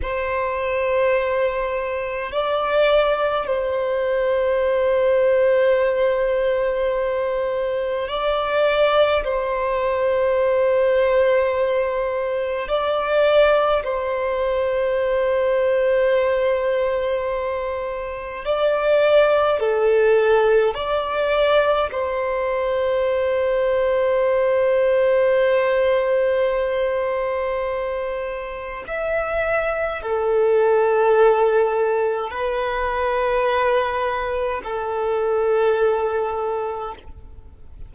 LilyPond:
\new Staff \with { instrumentName = "violin" } { \time 4/4 \tempo 4 = 52 c''2 d''4 c''4~ | c''2. d''4 | c''2. d''4 | c''1 |
d''4 a'4 d''4 c''4~ | c''1~ | c''4 e''4 a'2 | b'2 a'2 | }